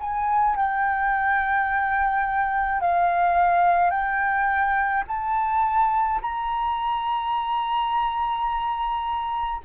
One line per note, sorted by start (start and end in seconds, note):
0.00 0.56 G#5
0.56 2.81 G5
2.81 3.91 F5
3.91 5.04 G5
5.08 6.21 A5
6.22 9.61 A#5